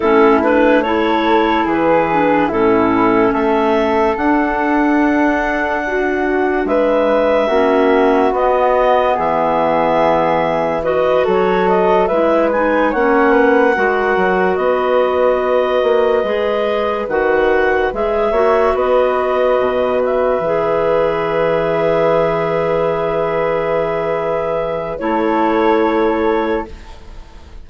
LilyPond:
<<
  \new Staff \with { instrumentName = "clarinet" } { \time 4/4 \tempo 4 = 72 a'8 b'8 cis''4 b'4 a'4 | e''4 fis''2. | e''2 dis''4 e''4~ | e''4 dis''8 cis''8 dis''8 e''8 gis''8 fis''8~ |
fis''4. dis''2~ dis''8~ | dis''8 fis''4 e''4 dis''4. | e''1~ | e''2 cis''2 | }
  \new Staff \with { instrumentName = "flute" } { \time 4/4 e'4 a'4 gis'4 e'4 | a'2. fis'4 | b'4 fis'2 gis'4~ | gis'4 b'8 a'4 b'4 cis''8 |
b'8 ais'4 b'2~ b'8~ | b'2 cis''8 b'4.~ | b'1~ | b'2 a'2 | }
  \new Staff \with { instrumentName = "clarinet" } { \time 4/4 cis'8 d'8 e'4. d'8 cis'4~ | cis'4 d'2.~ | d'4 cis'4 b2~ | b4 fis'4. e'8 dis'8 cis'8~ |
cis'8 fis'2. gis'8~ | gis'8 fis'4 gis'8 fis'2~ | fis'8 gis'2.~ gis'8~ | gis'2 e'2 | }
  \new Staff \with { instrumentName = "bassoon" } { \time 4/4 a2 e4 a,4 | a4 d'2. | gis4 ais4 b4 e4~ | e4. fis4 gis4 ais8~ |
ais8 gis8 fis8 b4. ais8 gis8~ | gis8 dis4 gis8 ais8 b4 b,8~ | b,8 e2.~ e8~ | e2 a2 | }
>>